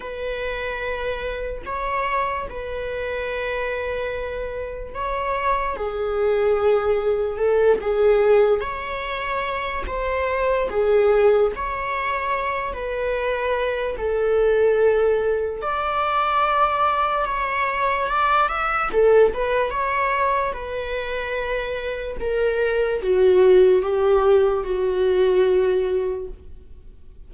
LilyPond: \new Staff \with { instrumentName = "viola" } { \time 4/4 \tempo 4 = 73 b'2 cis''4 b'4~ | b'2 cis''4 gis'4~ | gis'4 a'8 gis'4 cis''4. | c''4 gis'4 cis''4. b'8~ |
b'4 a'2 d''4~ | d''4 cis''4 d''8 e''8 a'8 b'8 | cis''4 b'2 ais'4 | fis'4 g'4 fis'2 | }